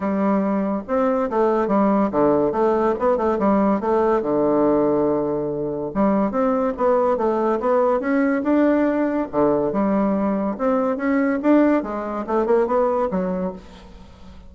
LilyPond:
\new Staff \with { instrumentName = "bassoon" } { \time 4/4 \tempo 4 = 142 g2 c'4 a4 | g4 d4 a4 b8 a8 | g4 a4 d2~ | d2 g4 c'4 |
b4 a4 b4 cis'4 | d'2 d4 g4~ | g4 c'4 cis'4 d'4 | gis4 a8 ais8 b4 fis4 | }